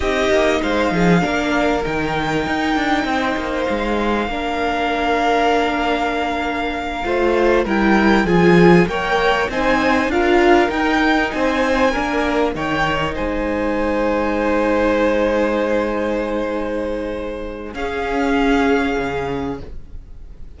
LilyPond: <<
  \new Staff \with { instrumentName = "violin" } { \time 4/4 \tempo 4 = 98 dis''4 f''2 g''4~ | g''2 f''2~ | f''1~ | f''8 g''4 gis''4 g''4 gis''8~ |
gis''8 f''4 g''4 gis''4.~ | gis''8 g''4 gis''2~ gis''8~ | gis''1~ | gis''4 f''2. | }
  \new Staff \with { instrumentName = "violin" } { \time 4/4 g'4 c''8 gis'8 ais'2~ | ais'4 c''2 ais'4~ | ais'2.~ ais'8 c''8~ | c''8 ais'4 gis'4 cis''4 c''8~ |
c''8 ais'2 c''4 ais'8~ | ais'8 cis''4 c''2~ c''8~ | c''1~ | c''4 gis'2. | }
  \new Staff \with { instrumentName = "viola" } { \time 4/4 dis'2 d'4 dis'4~ | dis'2. d'4~ | d'2.~ d'8 f'8~ | f'8 e'4 f'4 ais'4 dis'8~ |
dis'8 f'4 dis'2 d'8~ | d'8 dis'2.~ dis'8~ | dis'1~ | dis'4 cis'2. | }
  \new Staff \with { instrumentName = "cello" } { \time 4/4 c'8 ais8 gis8 f8 ais4 dis4 | dis'8 d'8 c'8 ais8 gis4 ais4~ | ais2.~ ais8 a8~ | a8 g4 f4 ais4 c'8~ |
c'8 d'4 dis'4 c'4 ais8~ | ais8 dis4 gis2~ gis8~ | gis1~ | gis4 cis'2 cis4 | }
>>